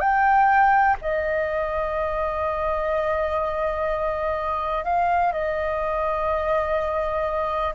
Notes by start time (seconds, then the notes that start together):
0.00 G5
1.02 D#5
4.85 F5
5.32 D#5